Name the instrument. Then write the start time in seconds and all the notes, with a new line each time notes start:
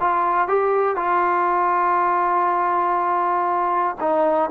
trombone
0.00 F4
0.47 G4
0.96 F4
4.00 D#4